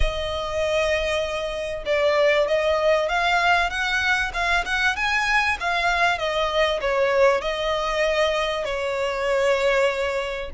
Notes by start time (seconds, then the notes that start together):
0.00 D#5
1.85 D5
2.47 D#5
3.08 F5
3.69 F#5
4.33 F5
4.65 F#5
4.95 G#5
5.60 F5
6.18 D#5
6.80 C#5
7.41 D#5
8.64 C#5